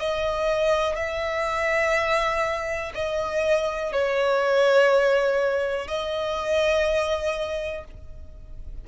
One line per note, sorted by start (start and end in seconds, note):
0.00 0.96 D#5
0.96 2.93 E5
2.95 3.93 D#5
3.93 5.88 C#5
5.88 7.85 D#5